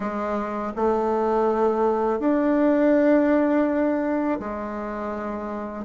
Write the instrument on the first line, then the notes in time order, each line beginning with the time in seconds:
bassoon
0.00 G#3
0.75 A3
2.19 D4
4.39 G#3